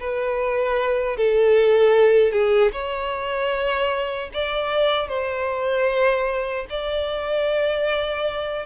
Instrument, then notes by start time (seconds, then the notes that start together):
violin
0.00 B4
1.17 A4
2.32 G#4
2.72 C#5
4.33 D5
5.08 C5
6.70 D5